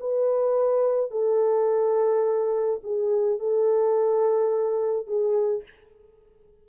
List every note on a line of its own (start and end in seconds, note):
0.00 1.11 B4
1.11 2.80 A4
2.83 3.39 G#4
3.39 5.07 A4
5.07 5.63 G#4